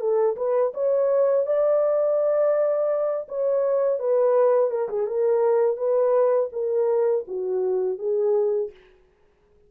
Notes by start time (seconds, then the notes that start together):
0.00 A4
0.36 B4
0.74 C#5
1.47 D5
3.29 C#5
4.00 B4
4.71 A#4
4.89 G#4
5.07 A#4
5.77 B4
6.53 A#4
7.28 F#4
7.98 G#4